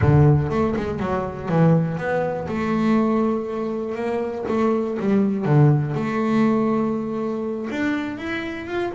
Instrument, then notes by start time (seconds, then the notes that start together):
double bass
0.01 D3
0.50 A3
0.76 G#3
0.99 F#3
1.49 E3
1.97 B3
2.48 A3
3.95 A#3
4.48 A3
4.99 G3
5.45 D3
5.94 A3
7.70 D4
8.18 E4
8.66 F4